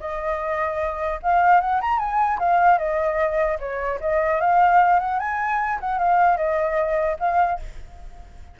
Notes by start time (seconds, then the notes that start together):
0.00 D#5
1.23 F5
1.61 F#5
1.81 A#5
1.99 G#5
2.39 F5
2.78 D#5
3.59 C#5
4.01 D#5
4.41 F5
4.99 F#5
5.20 G#5
5.80 F#5
5.99 F5
6.37 D#5
7.19 F5